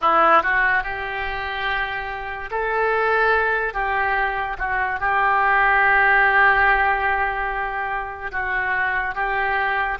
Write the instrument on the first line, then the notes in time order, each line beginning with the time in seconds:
oboe
0.01 E4
0.42 F#4
0.83 G4
2.50 A4
3.73 G4
4.58 F#4
5.00 G4
8.31 F#4
9.14 G4